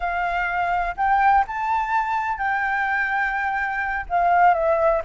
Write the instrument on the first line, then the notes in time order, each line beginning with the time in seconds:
flute
0.00 F5
0.96 G5
1.47 A5
2.37 G5
4.09 F5
4.54 E5